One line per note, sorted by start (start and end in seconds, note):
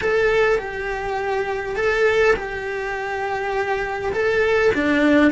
0.01 0.58 A4
0.58 1.76 G4
1.76 2.34 A4
2.36 4.12 G4
4.12 4.71 A4
4.74 5.31 D4